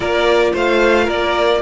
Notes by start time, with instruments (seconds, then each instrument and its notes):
0.00 cello A#3, viola F4, violin A#4 D5
0.53 cello A3, violin C5 F5
1.04 cello A#3, violin A#4 D5